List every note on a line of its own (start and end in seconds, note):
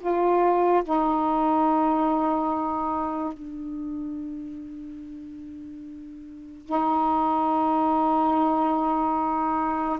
0.00 0.83 F4
0.84 3.33 D#4
3.33 6.66 D4
6.66 9.99 D#4